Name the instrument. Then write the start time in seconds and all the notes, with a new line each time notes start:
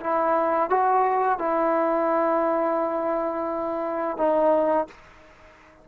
trombone
0.00 E4
0.70 F#4
1.38 E4
4.17 D#4